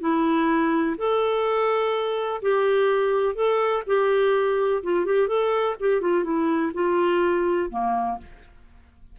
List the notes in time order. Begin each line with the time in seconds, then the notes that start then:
0.00 E4
0.97 A4
2.41 G4
3.35 A4
3.86 G4
4.83 F4
5.05 G4
5.28 A4
5.79 G4
6.01 F4
6.24 E4
6.74 F4
7.70 A#3